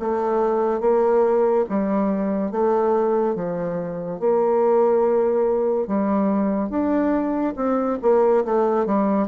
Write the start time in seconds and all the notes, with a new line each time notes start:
0.00 A3
0.81 A#3
1.70 G3
2.52 A3
3.36 F3
4.20 A#3
5.88 G3
6.70 D4
7.57 C4
8.03 A#3
8.45 A3
8.87 G3